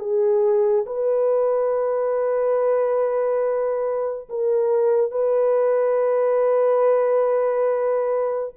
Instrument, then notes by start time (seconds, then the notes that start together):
horn
0.00 G#4
0.86 B4
4.29 A#4
5.12 B4